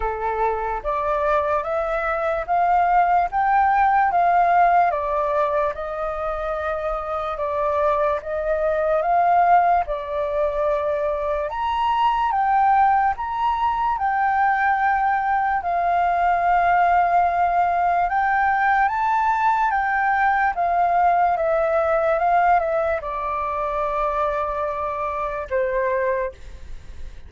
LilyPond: \new Staff \with { instrumentName = "flute" } { \time 4/4 \tempo 4 = 73 a'4 d''4 e''4 f''4 | g''4 f''4 d''4 dis''4~ | dis''4 d''4 dis''4 f''4 | d''2 ais''4 g''4 |
ais''4 g''2 f''4~ | f''2 g''4 a''4 | g''4 f''4 e''4 f''8 e''8 | d''2. c''4 | }